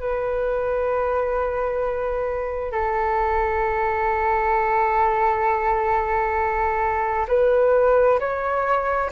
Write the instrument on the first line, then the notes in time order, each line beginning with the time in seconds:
flute
0.00 B4
2.72 A4
7.29 B4
8.20 C#5